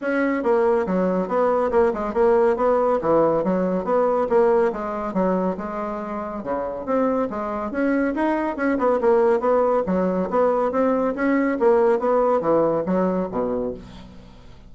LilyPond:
\new Staff \with { instrumentName = "bassoon" } { \time 4/4 \tempo 4 = 140 cis'4 ais4 fis4 b4 | ais8 gis8 ais4 b4 e4 | fis4 b4 ais4 gis4 | fis4 gis2 cis4 |
c'4 gis4 cis'4 dis'4 | cis'8 b8 ais4 b4 fis4 | b4 c'4 cis'4 ais4 | b4 e4 fis4 b,4 | }